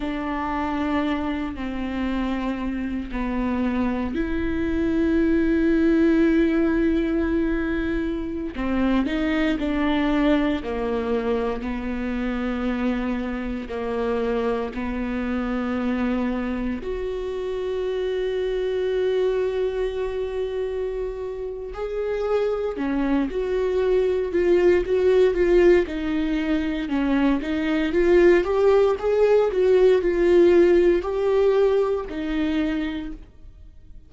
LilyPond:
\new Staff \with { instrumentName = "viola" } { \time 4/4 \tempo 4 = 58 d'4. c'4. b4 | e'1~ | e'16 c'8 dis'8 d'4 ais4 b8.~ | b4~ b16 ais4 b4.~ b16~ |
b16 fis'2.~ fis'8.~ | fis'4 gis'4 cis'8 fis'4 f'8 | fis'8 f'8 dis'4 cis'8 dis'8 f'8 g'8 | gis'8 fis'8 f'4 g'4 dis'4 | }